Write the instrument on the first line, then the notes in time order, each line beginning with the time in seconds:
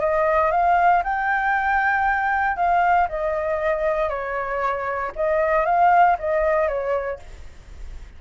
flute
0.00 D#5
0.51 F5
1.03 G5
2.56 F5
3.09 D#5
4.09 C#5
5.16 D#5
5.65 F5
6.19 D#5
6.68 C#5